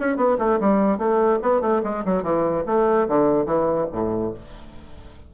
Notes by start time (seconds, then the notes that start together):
0.00 C#4
0.17 B3
0.39 A3
0.60 G3
0.98 A3
1.42 B3
1.61 A3
1.84 G#3
2.05 F#3
2.23 E3
2.67 A3
3.08 D3
3.46 E3
3.92 A2